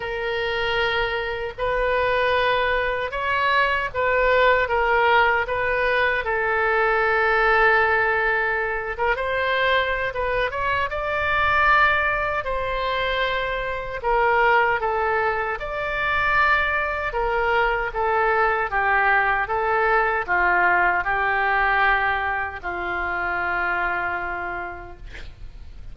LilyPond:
\new Staff \with { instrumentName = "oboe" } { \time 4/4 \tempo 4 = 77 ais'2 b'2 | cis''4 b'4 ais'4 b'4 | a'2.~ a'8 ais'16 c''16~ | c''4 b'8 cis''8 d''2 |
c''2 ais'4 a'4 | d''2 ais'4 a'4 | g'4 a'4 f'4 g'4~ | g'4 f'2. | }